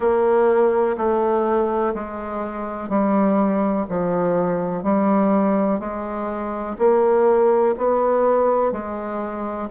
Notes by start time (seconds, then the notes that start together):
0.00 A#3
0.97 A3
1.94 G#3
2.89 G3
3.89 F3
4.83 G3
5.79 G#3
6.78 A#3
7.77 B3
8.71 G#3